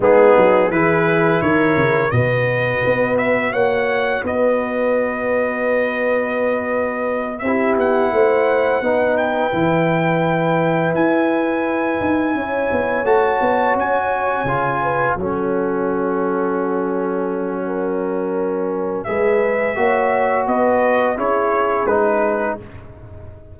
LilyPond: <<
  \new Staff \with { instrumentName = "trumpet" } { \time 4/4 \tempo 4 = 85 gis'4 b'4 cis''4 dis''4~ | dis''8 e''8 fis''4 dis''2~ | dis''2~ dis''8 e''8 fis''4~ | fis''4 g''2~ g''8 gis''8~ |
gis''2~ gis''8 a''4 gis''8~ | gis''4. fis''2~ fis''8~ | fis''2. e''4~ | e''4 dis''4 cis''4 b'4 | }
  \new Staff \with { instrumentName = "horn" } { \time 4/4 dis'4 gis'4 ais'4 b'4~ | b'4 cis''4 b'2~ | b'2~ b'8 g'4 c''8~ | c''8 b'2.~ b'8~ |
b'4. cis''2~ cis''8~ | cis''4 b'8 a'2~ a'8~ | a'4 ais'2 b'4 | cis''4 b'4 gis'2 | }
  \new Staff \with { instrumentName = "trombone" } { \time 4/4 b4 e'2 fis'4~ | fis'1~ | fis'2~ fis'8 e'4.~ | e'8 dis'4 e'2~ e'8~ |
e'2~ e'8 fis'4.~ | fis'8 f'4 cis'2~ cis'8~ | cis'2. gis'4 | fis'2 e'4 dis'4 | }
  \new Staff \with { instrumentName = "tuba" } { \time 4/4 gis8 fis8 e4 dis8 cis8 b,4 | b4 ais4 b2~ | b2~ b8 c'8 b8 a8~ | a8 b4 e2 e'8~ |
e'4 dis'8 cis'8 b8 a8 b8 cis'8~ | cis'8 cis4 fis2~ fis8~ | fis2. gis4 | ais4 b4 cis'4 gis4 | }
>>